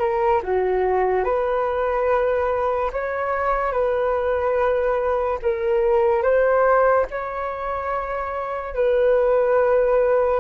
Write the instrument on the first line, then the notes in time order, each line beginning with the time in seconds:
flute
0.00 A#4
0.44 F#4
1.25 B4
2.93 C#5
3.72 B4
5.42 A#4
6.23 C5
7.11 C#5
8.75 B4